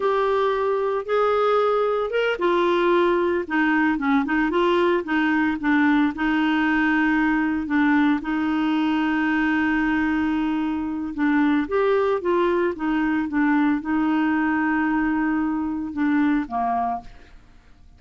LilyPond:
\new Staff \with { instrumentName = "clarinet" } { \time 4/4 \tempo 4 = 113 g'2 gis'2 | ais'8 f'2 dis'4 cis'8 | dis'8 f'4 dis'4 d'4 dis'8~ | dis'2~ dis'8 d'4 dis'8~ |
dis'1~ | dis'4 d'4 g'4 f'4 | dis'4 d'4 dis'2~ | dis'2 d'4 ais4 | }